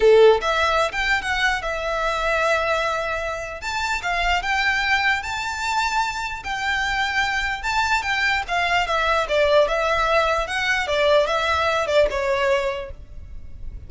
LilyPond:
\new Staff \with { instrumentName = "violin" } { \time 4/4 \tempo 4 = 149 a'4 e''4~ e''16 g''8. fis''4 | e''1~ | e''4 a''4 f''4 g''4~ | g''4 a''2. |
g''2. a''4 | g''4 f''4 e''4 d''4 | e''2 fis''4 d''4 | e''4. d''8 cis''2 | }